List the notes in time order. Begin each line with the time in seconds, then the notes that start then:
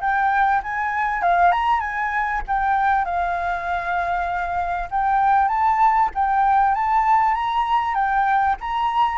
0.00 G5
0.63 G#5
1.22 F5
1.51 A#5
1.80 G#5
2.47 G5
3.04 F5
4.90 G5
5.48 A5
6.14 G5
6.74 A5
7.34 A#5
7.94 G5
8.60 A#5